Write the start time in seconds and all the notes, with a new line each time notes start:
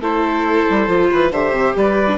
0.00 A3 E4 A4 C5
0.70 G3
0.88 F3 F4
1.11 E3 B4
1.31 D3 G4 C5 E5
1.52 C3
1.76 G3 B4 D5
2.08 D4